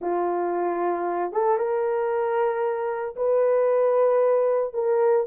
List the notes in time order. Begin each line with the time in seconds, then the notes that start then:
0.01 F4
1.32 A4
1.57 A#4
3.16 B4
4.73 A#4